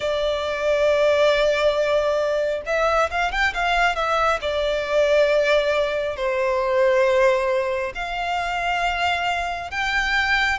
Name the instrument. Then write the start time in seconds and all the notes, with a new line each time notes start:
violin
0.00 D5
2.66 E5
3.10 F5
3.31 G5
3.54 F5
3.95 E5
4.41 D5
6.16 C5
7.94 F5
9.70 G5